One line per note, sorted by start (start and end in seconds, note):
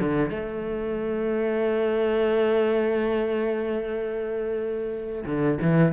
0.00 0.31 D3
0.31 5.25 A3
5.26 5.59 D3
5.62 5.93 E3